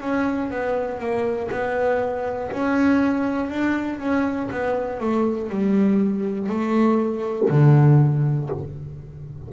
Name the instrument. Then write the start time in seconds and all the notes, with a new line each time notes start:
double bass
0.00 C#4
0.50 B3
1.00 A#3
1.50 B3
2.51 C#4
3.50 D4
3.99 C#4
4.50 B3
5.00 A3
5.49 G3
6.49 A3
7.49 D3